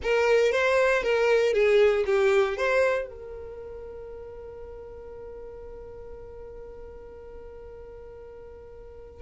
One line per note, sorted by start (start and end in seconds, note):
0.02 0.52 A#4
0.52 1.02 C5
1.02 1.53 A#4
1.53 2.04 G#4
2.06 2.57 G4
2.57 3.08 C5
3.08 9.22 A#4